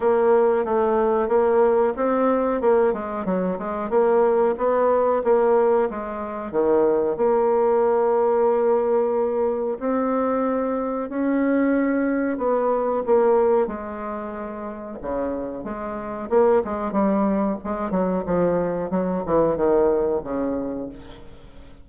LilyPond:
\new Staff \with { instrumentName = "bassoon" } { \time 4/4 \tempo 4 = 92 ais4 a4 ais4 c'4 | ais8 gis8 fis8 gis8 ais4 b4 | ais4 gis4 dis4 ais4~ | ais2. c'4~ |
c'4 cis'2 b4 | ais4 gis2 cis4 | gis4 ais8 gis8 g4 gis8 fis8 | f4 fis8 e8 dis4 cis4 | }